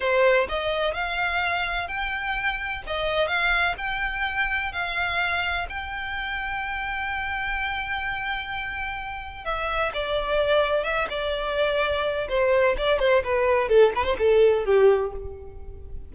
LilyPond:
\new Staff \with { instrumentName = "violin" } { \time 4/4 \tempo 4 = 127 c''4 dis''4 f''2 | g''2 dis''4 f''4 | g''2 f''2 | g''1~ |
g''1 | e''4 d''2 e''8 d''8~ | d''2 c''4 d''8 c''8 | b'4 a'8 b'16 c''16 a'4 g'4 | }